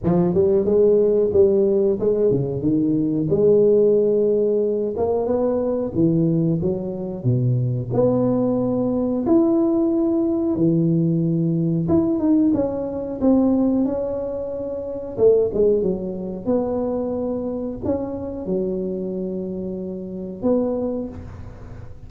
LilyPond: \new Staff \with { instrumentName = "tuba" } { \time 4/4 \tempo 4 = 91 f8 g8 gis4 g4 gis8 cis8 | dis4 gis2~ gis8 ais8 | b4 e4 fis4 b,4 | b2 e'2 |
e2 e'8 dis'8 cis'4 | c'4 cis'2 a8 gis8 | fis4 b2 cis'4 | fis2. b4 | }